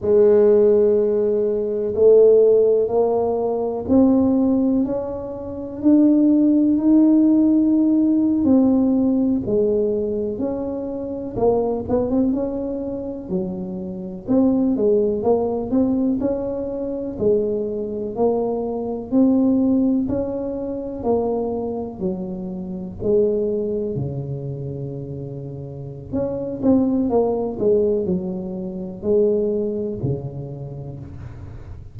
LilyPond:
\new Staff \with { instrumentName = "tuba" } { \time 4/4 \tempo 4 = 62 gis2 a4 ais4 | c'4 cis'4 d'4 dis'4~ | dis'8. c'4 gis4 cis'4 ais16~ | ais16 b16 c'16 cis'4 fis4 c'8 gis8 ais16~ |
ais16 c'8 cis'4 gis4 ais4 c'16~ | c'8. cis'4 ais4 fis4 gis16~ | gis8. cis2~ cis16 cis'8 c'8 | ais8 gis8 fis4 gis4 cis4 | }